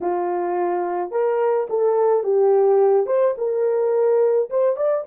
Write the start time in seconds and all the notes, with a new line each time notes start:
0.01 F4
1.11 A#4
1.69 A4
2.23 G4
3.06 C5
3.37 A#4
4.49 C5
4.76 D5